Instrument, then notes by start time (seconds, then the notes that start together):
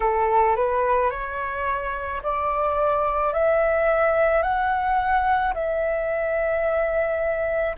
flute
0.00 A4
0.56 B4
1.10 C#5
2.22 D5
3.33 E5
4.42 F#5
5.54 E5